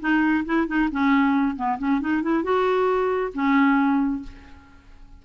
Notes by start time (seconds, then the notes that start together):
0.00 D#4
0.45 E4
0.67 D#4
0.92 C#4
1.56 B3
1.78 C#4
2.01 D#4
2.22 E4
2.43 F#4
3.34 C#4